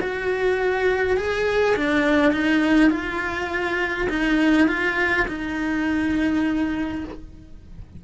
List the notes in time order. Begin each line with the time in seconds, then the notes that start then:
0.00 F#4
1.17 G#4
1.76 D4
2.32 D#4
2.90 F4
4.09 D#4
4.67 F4
5.28 D#4